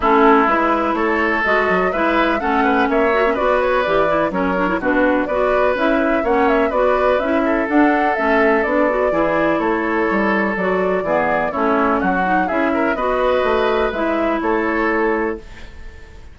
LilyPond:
<<
  \new Staff \with { instrumentName = "flute" } { \time 4/4 \tempo 4 = 125 a'4 b'4 cis''4 dis''4 | e''4 fis''4 e''4 d''8 cis''8 | d''4 cis''4 b'4 d''4 | e''4 fis''8 e''8 d''4 e''4 |
fis''4 e''4 d''2 | cis''2 d''2 | cis''4 fis''4 e''4 dis''4~ | dis''4 e''4 cis''2 | }
  \new Staff \with { instrumentName = "oboe" } { \time 4/4 e'2 a'2 | b'4 a'8 b'8 cis''4 b'4~ | b'4 ais'4 fis'4 b'4~ | b'4 cis''4 b'4. a'8~ |
a'2. gis'4 | a'2. gis'4 | e'4 fis'4 gis'8 ais'8 b'4~ | b'2 a'2 | }
  \new Staff \with { instrumentName = "clarinet" } { \time 4/4 cis'4 e'2 fis'4 | e'4 cis'4. fis'16 cis'16 fis'4 | g'8 e'8 cis'8 d'16 e'16 d'4 fis'4 | e'4 cis'4 fis'4 e'4 |
d'4 cis'4 d'8 fis'8 e'4~ | e'2 fis'4 b4 | cis'4. dis'8 e'4 fis'4~ | fis'4 e'2. | }
  \new Staff \with { instrumentName = "bassoon" } { \time 4/4 a4 gis4 a4 gis8 fis8 | gis4 a4 ais4 b4 | e4 fis4 b,4 b4 | cis'4 ais4 b4 cis'4 |
d'4 a4 b4 e4 | a4 g4 fis4 e4 | a4 fis4 cis'4 b4 | a4 gis4 a2 | }
>>